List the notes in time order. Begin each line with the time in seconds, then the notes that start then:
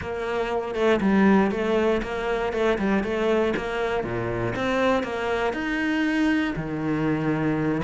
0.01 A#3
0.74 A3
1.00 G3
1.51 A3
2.02 A#3
2.52 A3
2.78 G3
3.03 A3
3.56 A#3
4.03 A#2
4.55 C4
5.03 A#3
5.53 D#4
6.55 D#3